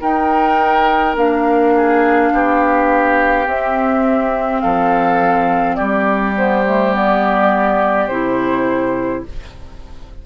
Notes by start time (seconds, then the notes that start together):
0.00 D#4 A#4 G5
1.15 A#3 D4 F5
1.75 G#4
2.32 B3 G4
3.45 C4 E5
4.60 F3 A4 F5
5.75 G3 G4 D5
6.35 B3 C5
6.66 A3
6.93 B3 D5
8.07 C3 E4 C5